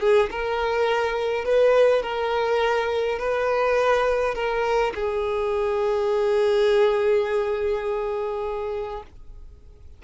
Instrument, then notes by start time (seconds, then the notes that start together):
violin
0.00 G#4
0.30 A#4
1.45 B4
2.02 A#4
3.18 B4
4.35 A#4
4.95 G#4